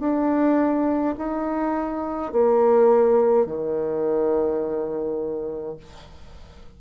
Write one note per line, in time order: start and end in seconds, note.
0.00 1.15 D4
1.18 2.32 D#4
2.32 3.46 A#3
3.46 5.77 D#3